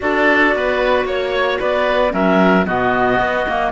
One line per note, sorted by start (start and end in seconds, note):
0.00 0.55 D4
0.00 2.10 F#4
0.00 0.55 A4
0.00 1.07 D5
0.55 1.05 B3
0.55 1.06 B4
1.05 1.58 A#3
1.05 1.59 C#5
1.05 1.60 C#5
1.59 2.13 B3
1.59 2.12 B4
1.59 2.13 D5
2.10 2.66 F#3
2.10 2.63 C#4
2.10 2.66 A#4
2.10 2.65 E5
2.64 3.19 B2
2.64 3.44 B3
2.64 3.71 F#4
2.64 3.71 D#5
3.19 3.46 B3
3.47 3.71 A#3